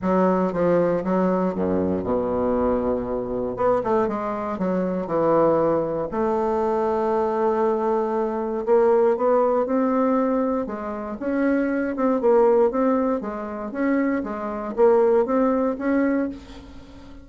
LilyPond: \new Staff \with { instrumentName = "bassoon" } { \time 4/4 \tempo 4 = 118 fis4 f4 fis4 fis,4 | b,2. b8 a8 | gis4 fis4 e2 | a1~ |
a4 ais4 b4 c'4~ | c'4 gis4 cis'4. c'8 | ais4 c'4 gis4 cis'4 | gis4 ais4 c'4 cis'4 | }